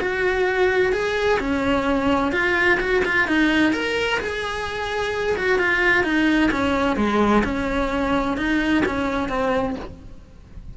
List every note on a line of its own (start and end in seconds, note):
0.00 0.92 F#4
0.92 1.39 G#4
1.40 2.32 C#4
2.32 2.78 F4
2.80 3.03 F#4
3.05 3.28 F4
3.28 3.73 D#4
3.73 4.19 A#4
4.20 5.36 G#4
5.37 5.59 F#4
5.59 6.04 F4
6.04 6.50 D#4
6.51 6.96 C#4
6.96 7.43 G#3
7.44 8.37 C#4
8.37 8.84 D#4
8.86 9.29 C#4
9.29 9.75 C4